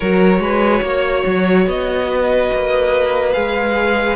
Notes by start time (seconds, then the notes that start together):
0.00 F#3 F#4 A#4 C#5
0.39 G#3 B4
0.81 A#3 C#5
1.26 F#3
1.66 B3 D#5
2.09 B4
2.53 A#3
3.32 G#3 G#4 F5